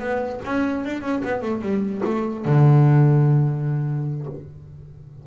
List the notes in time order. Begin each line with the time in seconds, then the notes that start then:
0.00 B3
0.45 C#4
0.85 D4
1.02 C#4
1.24 B3
1.42 A3
1.62 G3
2.05 A3
2.45 D3